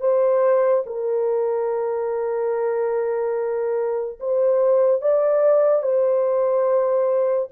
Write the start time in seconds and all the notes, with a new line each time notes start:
0.00 C5
0.86 A#4
4.19 C5
5.01 D5
5.82 C5